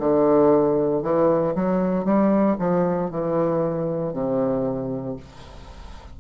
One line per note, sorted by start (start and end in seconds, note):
0.00 1.03 D3
1.03 1.55 E3
1.55 2.05 F#3
2.05 2.57 G3
2.59 3.11 F3
3.11 4.14 E3
4.14 5.17 C3